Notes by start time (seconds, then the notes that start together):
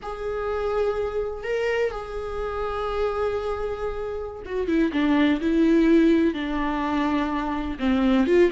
0.02 G#4
1.43 A#4
1.91 G#4
4.45 F#4
4.67 E4
4.92 D4
5.40 E4
6.33 D4
7.79 C4
8.26 F4